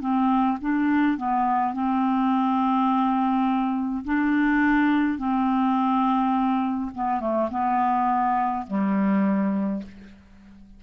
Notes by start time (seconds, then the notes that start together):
0.00 C4
0.61 D4
1.17 B3
1.73 C4
4.04 D4
5.18 C4
6.94 B3
7.20 A3
7.51 B3
8.66 G3